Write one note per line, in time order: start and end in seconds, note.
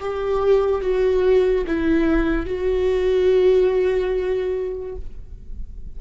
0.00 0.81 G4
0.81 1.65 F#4
1.67 2.46 E4
2.46 4.96 F#4